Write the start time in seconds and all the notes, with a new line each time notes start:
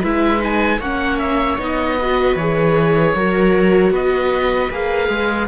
0.00 G#3 E4 B4 E5
0.38 D#4 G#5
0.79 A#3 C#4 C#5 F#5
1.18 E5
1.58 B3 D#4 D#5
1.98 F#4 B4
2.35 E3 G#4 C#5
3.15 F#3 F#4 A#4
3.91 B3 B4 D#5
4.70 A#3 G#4 F5
5.09 G#3